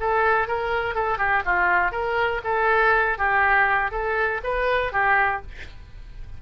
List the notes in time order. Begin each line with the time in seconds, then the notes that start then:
0.00 A4
0.48 A#4
0.95 A4
1.18 G4
1.45 F4
1.92 A#4
2.44 A4
3.18 G4
3.92 A4
4.44 B4
4.92 G4